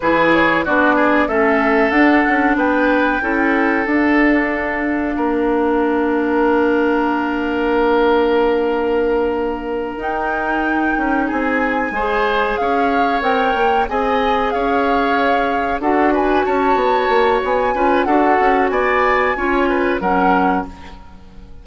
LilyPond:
<<
  \new Staff \with { instrumentName = "flute" } { \time 4/4 \tempo 4 = 93 b'8 cis''8 d''4 e''4 fis''4 | g''2 f''2~ | f''1~ | f''2.~ f''8 g''8~ |
g''4. gis''2 f''8~ | f''8 g''4 gis''4 f''4.~ | f''8 fis''8 gis''8 a''4. gis''4 | fis''4 gis''2 fis''4 | }
  \new Staff \with { instrumentName = "oboe" } { \time 4/4 gis'4 fis'8 gis'8 a'2 | b'4 a'2. | ais'1~ | ais'1~ |
ais'4. gis'4 c''4 cis''8~ | cis''4. dis''4 cis''4.~ | cis''8 a'8 b'8 cis''2 b'8 | a'4 d''4 cis''8 b'8 ais'4 | }
  \new Staff \with { instrumentName = "clarinet" } { \time 4/4 e'4 d'4 cis'4 d'4~ | d'4 e'4 d'2~ | d'1~ | d'2.~ d'8 dis'8~ |
dis'2~ dis'8 gis'4.~ | gis'8 ais'4 gis'2~ gis'8~ | gis'8 fis'2. f'8 | fis'2 f'4 cis'4 | }
  \new Staff \with { instrumentName = "bassoon" } { \time 4/4 e4 b4 a4 d'8 cis'8 | b4 cis'4 d'2 | ais1~ | ais2.~ ais8 dis'8~ |
dis'4 cis'8 c'4 gis4 cis'8~ | cis'8 c'8 ais8 c'4 cis'4.~ | cis'8 d'4 cis'8 b8 ais8 b8 cis'8 | d'8 cis'8 b4 cis'4 fis4 | }
>>